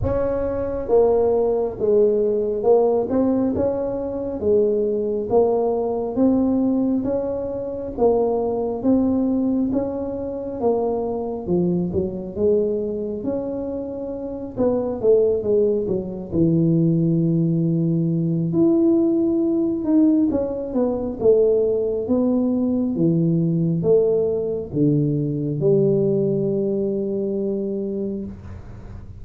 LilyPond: \new Staff \with { instrumentName = "tuba" } { \time 4/4 \tempo 4 = 68 cis'4 ais4 gis4 ais8 c'8 | cis'4 gis4 ais4 c'4 | cis'4 ais4 c'4 cis'4 | ais4 f8 fis8 gis4 cis'4~ |
cis'8 b8 a8 gis8 fis8 e4.~ | e4 e'4. dis'8 cis'8 b8 | a4 b4 e4 a4 | d4 g2. | }